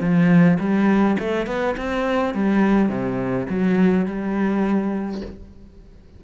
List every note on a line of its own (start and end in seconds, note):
0.00 0.58 F3
0.60 1.17 G3
1.19 1.47 A3
1.47 1.75 B3
1.77 2.34 C4
2.34 2.89 G3
2.89 3.47 C3
3.50 4.06 F#3
4.06 5.21 G3